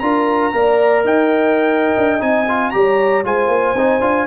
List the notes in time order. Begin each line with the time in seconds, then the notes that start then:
0.00 D4 F4 A#4 A#5
0.53 A#3 A#4 D5
1.05 D#4 D#5 G5
1.98 D4
2.20 C4 D#4 G#5
2.49 F4
2.71 G3 G4 C#5 A#5
3.25 G#3 F4 C5 G#5
3.48 A#3
3.75 C4 D#4
4.01 D4 F4